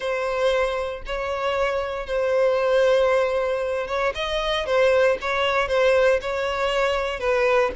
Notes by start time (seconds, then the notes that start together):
0.00 C5
1.06 C#5
2.06 C5
3.87 C#5
4.14 D#5
4.66 C5
5.21 C#5
5.68 C5
6.21 C#5
7.19 B4